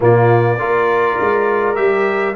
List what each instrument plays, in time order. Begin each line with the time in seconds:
0.00 tuba A#2, trombone A#3, horn F4, trumpet D5
0.58 tuba A#3, trombone F4, horn A#4
1.20 tuba G#3
1.75 tuba G3, trombone G4, trumpet E5